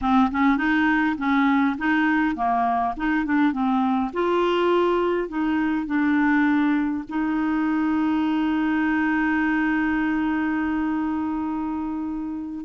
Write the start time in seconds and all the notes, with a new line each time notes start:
0.01 C4
0.31 C#4
0.57 D#4
1.17 C#4
1.78 D#4
2.35 A#3
2.96 D#4
3.25 D4
3.52 C4
4.13 F4
5.28 D#4
5.86 D4
7.08 D#4